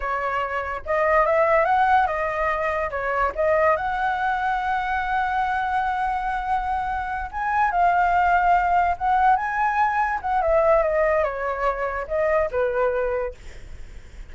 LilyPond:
\new Staff \with { instrumentName = "flute" } { \time 4/4 \tempo 4 = 144 cis''2 dis''4 e''4 | fis''4 dis''2 cis''4 | dis''4 fis''2.~ | fis''1~ |
fis''4. gis''4 f''4.~ | f''4. fis''4 gis''4.~ | gis''8 fis''8 e''4 dis''4 cis''4~ | cis''4 dis''4 b'2 | }